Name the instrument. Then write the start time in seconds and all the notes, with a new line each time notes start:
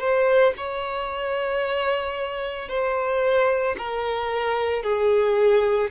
violin
0.00 C5
0.57 C#5
2.69 C5
3.78 A#4
4.83 G#4